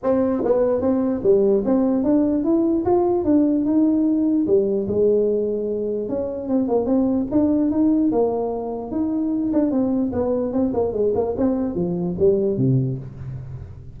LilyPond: \new Staff \with { instrumentName = "tuba" } { \time 4/4 \tempo 4 = 148 c'4 b4 c'4 g4 | c'4 d'4 e'4 f'4 | d'4 dis'2 g4 | gis2. cis'4 |
c'8 ais8 c'4 d'4 dis'4 | ais2 dis'4. d'8 | c'4 b4 c'8 ais8 gis8 ais8 | c'4 f4 g4 c4 | }